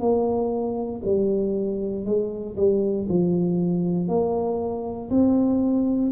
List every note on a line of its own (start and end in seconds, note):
0.00 1.02 A#3
1.05 2.06 G3
2.06 2.57 G#3
2.57 3.08 G3
3.09 4.09 F3
4.09 5.10 A#3
5.10 6.12 C4